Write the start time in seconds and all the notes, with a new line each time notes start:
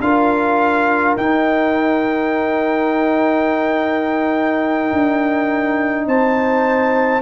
0.00 D4 F4 A#4 F5
1.17 D#4 G5
4.93 D4
6.06 C4 C5 A5